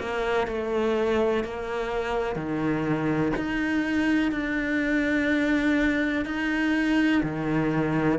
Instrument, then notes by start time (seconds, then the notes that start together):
cello
0.00 A#3
0.48 A3
1.44 A#3
2.36 D#3
3.37 D#4
4.32 D4
6.26 D#4
7.23 D#3